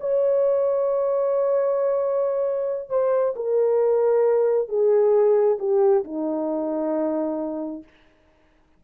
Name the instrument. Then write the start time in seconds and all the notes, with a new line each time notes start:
horn
0.00 C#5
2.89 C5
3.35 A#4
4.68 G#4
5.59 G4
6.04 D#4